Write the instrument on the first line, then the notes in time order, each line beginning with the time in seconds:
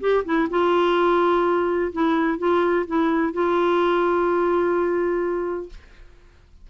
clarinet
0.00 G4
0.24 E4
0.50 F4
1.92 E4
2.38 F4
2.87 E4
3.33 F4